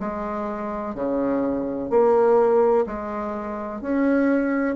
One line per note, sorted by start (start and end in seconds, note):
0.00 0.95 G#3
0.95 1.90 C#3
1.90 2.85 A#3
2.87 3.81 G#3
3.81 4.76 C#4